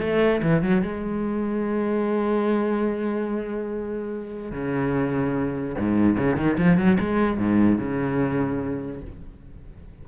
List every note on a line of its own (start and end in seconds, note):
0.00 0.41 A3
0.42 0.62 E3
0.62 0.82 F#3
0.82 4.52 G#3
4.52 5.75 C#3
5.79 6.17 G#2
6.17 6.36 C#3
6.36 6.57 D#3
6.58 6.77 F3
6.77 6.98 F#3
7.00 7.38 G#3
7.38 7.78 G#2
7.78 9.01 C#3